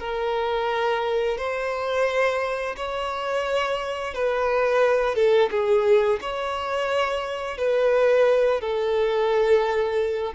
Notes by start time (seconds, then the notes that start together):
0.00 A#4
1.38 C5
2.77 C#5
4.14 B4
5.16 A4
5.51 G#4
6.22 C#5
7.58 B4
8.61 A4